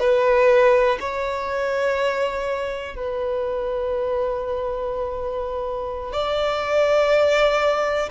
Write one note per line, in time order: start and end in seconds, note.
0.00 0.98 B4
1.01 2.96 C#5
2.96 6.13 B4
6.13 8.10 D5